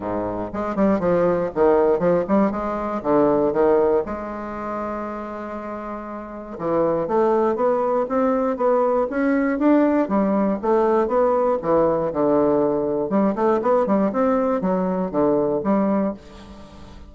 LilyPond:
\new Staff \with { instrumentName = "bassoon" } { \time 4/4 \tempo 4 = 119 gis,4 gis8 g8 f4 dis4 | f8 g8 gis4 d4 dis4 | gis1~ | gis4 e4 a4 b4 |
c'4 b4 cis'4 d'4 | g4 a4 b4 e4 | d2 g8 a8 b8 g8 | c'4 fis4 d4 g4 | }